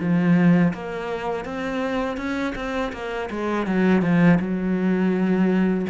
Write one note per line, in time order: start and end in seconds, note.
0.00 0.73 F3
0.74 1.45 A#3
1.45 2.17 C4
2.17 2.54 C#4
2.55 2.92 C4
2.93 3.29 A#3
3.30 3.67 G#3
3.67 4.02 F#3
4.02 4.38 F3
4.40 5.86 F#3